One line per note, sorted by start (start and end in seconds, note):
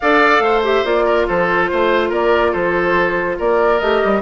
0.00 0.39 D4
0.00 0.63 A4
0.00 0.43 D5
0.00 0.62 F5
0.39 0.81 A3
0.39 1.05 C5
0.63 0.84 G4
0.63 0.85 E5
0.84 1.26 A#3
0.84 3.80 F4
0.84 1.27 D5
1.05 1.26 A#4
1.28 1.71 F3
1.28 1.70 A4
1.28 2.12 C5
1.70 2.10 A3
1.70 2.09 C5
2.09 2.53 A#3
2.09 2.51 A#4
2.09 2.53 D5
2.51 3.38 F3
2.51 3.36 A4
2.51 3.37 C5
3.38 3.81 A#3
3.38 4.21 A#4
3.38 3.79 D5
3.79 4.02 A3
3.79 4.21 G4
3.79 4.21 D#5
4.04 4.21 G3